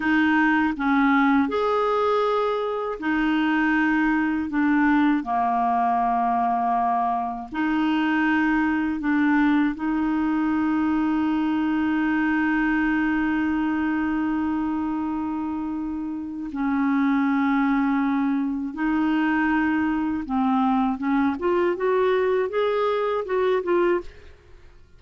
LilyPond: \new Staff \with { instrumentName = "clarinet" } { \time 4/4 \tempo 4 = 80 dis'4 cis'4 gis'2 | dis'2 d'4 ais4~ | ais2 dis'2 | d'4 dis'2.~ |
dis'1~ | dis'2 cis'2~ | cis'4 dis'2 c'4 | cis'8 f'8 fis'4 gis'4 fis'8 f'8 | }